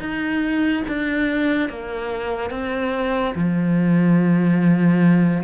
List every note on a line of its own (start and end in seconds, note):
0.00 0.83 D#4
0.88 1.70 D4
1.70 2.51 A#3
2.51 3.34 C4
3.35 5.44 F3